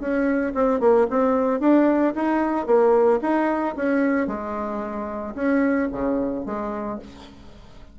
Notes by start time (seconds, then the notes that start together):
0.00 C#4
0.55 C4
0.80 A#3
1.10 C4
1.60 D4
2.15 D#4
2.66 A#3
3.22 D#4
3.76 C#4
4.27 G#3
5.35 C#4
5.92 C#3
6.46 G#3